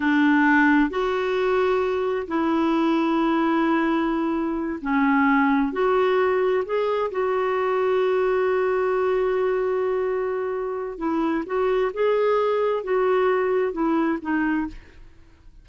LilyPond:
\new Staff \with { instrumentName = "clarinet" } { \time 4/4 \tempo 4 = 131 d'2 fis'2~ | fis'4 e'2.~ | e'2~ e'8 cis'4.~ | cis'8 fis'2 gis'4 fis'8~ |
fis'1~ | fis'1 | e'4 fis'4 gis'2 | fis'2 e'4 dis'4 | }